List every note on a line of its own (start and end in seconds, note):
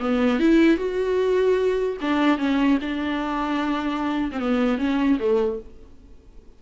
0.00 0.39 B3
0.39 0.77 E4
0.77 1.97 F#4
2.01 2.38 D4
2.38 2.78 C#4
2.81 4.31 D4
4.32 4.39 C4
4.39 4.78 B3
4.78 5.18 C#4
5.19 5.59 A3